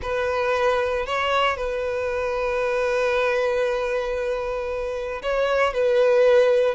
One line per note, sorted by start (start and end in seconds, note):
0.01 1.06 B4
1.06 1.56 C#5
1.56 5.22 B4
5.22 5.73 C#5
5.73 6.74 B4